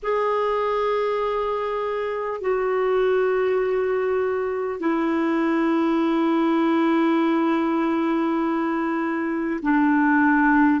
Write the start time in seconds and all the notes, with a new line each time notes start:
0.02 G#4
2.40 F#4
4.80 E4
9.62 D4